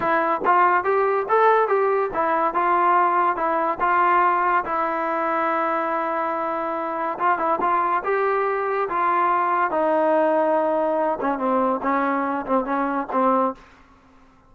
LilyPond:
\new Staff \with { instrumentName = "trombone" } { \time 4/4 \tempo 4 = 142 e'4 f'4 g'4 a'4 | g'4 e'4 f'2 | e'4 f'2 e'4~ | e'1~ |
e'4 f'8 e'8 f'4 g'4~ | g'4 f'2 dis'4~ | dis'2~ dis'8 cis'8 c'4 | cis'4. c'8 cis'4 c'4 | }